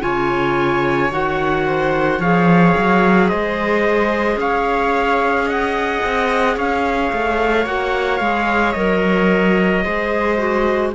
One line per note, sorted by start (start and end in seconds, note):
0.00 1.11 C#3
0.00 1.09 F4
0.00 1.65 C#5
0.00 1.11 G#5
1.10 2.18 D#3
1.10 2.19 F#4
1.10 2.21 F#5
1.66 2.19 C5
2.18 2.73 F3
2.18 7.66 G#4
2.18 3.28 C#5
2.18 3.28 F5
2.77 3.31 F#3
3.28 4.35 G#3
3.28 4.37 C5
3.28 4.37 D#5
4.35 5.99 C#4
4.35 5.46 C#5
4.35 5.48 F5
5.46 6.55 D#5
5.46 6.57 F#5
6.04 6.57 C4
6.56 7.11 C#4
6.56 9.83 C#5
6.56 7.66 F5
7.12 7.66 A3
7.66 8.20 A#3
7.66 8.20 F#4
7.66 8.18 F#5
8.18 8.74 G#3
8.18 8.75 G#4
8.18 8.72 F5
8.72 9.84 F#3
8.72 9.84 A#4
8.72 10.90 D#5
9.83 10.94 G#3
9.83 10.37 G#4
9.83 10.92 C5
10.37 10.92 F#4